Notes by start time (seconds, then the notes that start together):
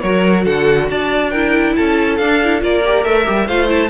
0.00 F#3 F#4 A#4 C#5
0.44 D3 A4 F#5
0.88 D4 D5 A5
1.30 E4 A#4 G5
1.76 C#4 A4 A5
2.16 D4 F5
2.43 E4
2.60 A#3 F4 A#4 D5
2.84 G4
3.04 A3 A4 E5
3.25 G3 G4
3.46 A3 F4 C5 F5
3.68 E4 A5